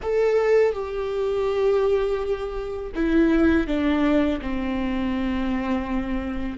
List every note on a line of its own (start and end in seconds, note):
0.02 0.72 A4
0.72 2.92 G4
2.95 3.67 E4
3.67 4.40 D4
4.41 6.58 C4